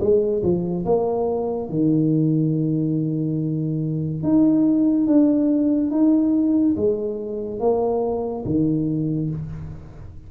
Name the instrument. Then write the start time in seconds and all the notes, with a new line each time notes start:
tuba
0.00 G#3
0.43 F3
0.85 A#3
1.69 D#3
4.23 D#4
5.07 D4
5.90 D#4
6.76 G#3
7.60 A#3
8.45 D#3